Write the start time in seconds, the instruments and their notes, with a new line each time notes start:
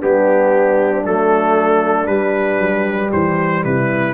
0.00 tuba G3, trombone B3, horn D4, trumpet G4
1.05 tuba F#3, trombone A3, trumpet A4
2.07 tuba G3, trombone G3, trumpet B4
2.58 tuba F#3
3.11 tuba E3, horn G4, trumpet C5
3.64 tuba C3, horn E4, trumpet B4